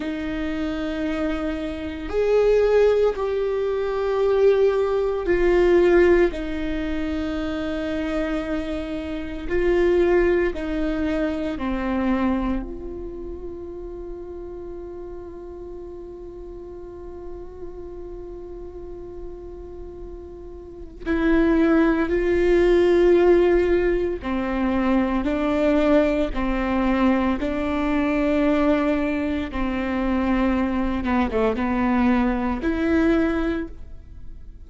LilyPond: \new Staff \with { instrumentName = "viola" } { \time 4/4 \tempo 4 = 57 dis'2 gis'4 g'4~ | g'4 f'4 dis'2~ | dis'4 f'4 dis'4 c'4 | f'1~ |
f'1 | e'4 f'2 c'4 | d'4 c'4 d'2 | c'4. b16 a16 b4 e'4 | }